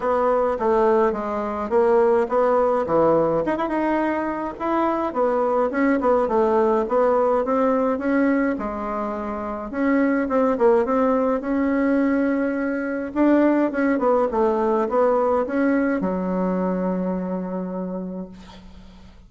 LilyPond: \new Staff \with { instrumentName = "bassoon" } { \time 4/4 \tempo 4 = 105 b4 a4 gis4 ais4 | b4 e4 dis'16 e'16 dis'4. | e'4 b4 cis'8 b8 a4 | b4 c'4 cis'4 gis4~ |
gis4 cis'4 c'8 ais8 c'4 | cis'2. d'4 | cis'8 b8 a4 b4 cis'4 | fis1 | }